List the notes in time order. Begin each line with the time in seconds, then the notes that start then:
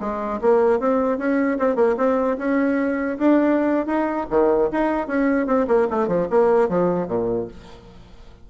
0.00 G#3
0.41 A#3
0.79 C4
1.18 C#4
1.59 C4
1.75 A#3
1.97 C4
2.38 C#4
3.18 D4
3.87 D#4
4.30 D#3
4.72 D#4
5.07 C#4
5.47 C4
5.67 A#3
5.90 A3
6.08 F3
6.30 A#3
6.69 F3
7.07 A#2